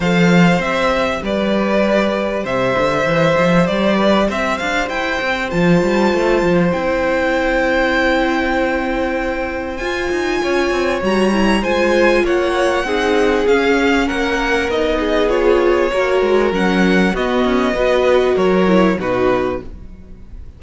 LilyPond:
<<
  \new Staff \with { instrumentName = "violin" } { \time 4/4 \tempo 4 = 98 f''4 e''4 d''2 | e''2 d''4 e''8 f''8 | g''4 a''2 g''4~ | g''1 |
gis''2 ais''4 gis''4 | fis''2 f''4 fis''4 | dis''4 cis''2 fis''4 | dis''2 cis''4 b'4 | }
  \new Staff \with { instrumentName = "violin" } { \time 4/4 c''2 b'2 | c''2~ c''8 b'8 c''4~ | c''1~ | c''1~ |
c''4 cis''2 c''4 | cis''4 gis'2 ais'4~ | ais'8 gis'4. ais'2 | fis'4 b'4 ais'4 fis'4 | }
  \new Staff \with { instrumentName = "viola" } { \time 4/4 a'4 g'2.~ | g'1~ | g'4 f'2 e'4~ | e'1 |
f'2 fis'8 e'8 f'4~ | f'4 dis'4 cis'2 | dis'4 f'4 fis'4 cis'4 | b4 fis'4. e'8 dis'4 | }
  \new Staff \with { instrumentName = "cello" } { \time 4/4 f4 c'4 g2 | c8 d8 e8 f8 g4 c'8 d'8 | e'8 c'8 f8 g8 a8 f8 c'4~ | c'1 |
f'8 dis'8 cis'8 c'8 g4 gis4 | ais4 c'4 cis'4 ais4 | b2 ais8 gis8 fis4 | b8 cis'8 b4 fis4 b,4 | }
>>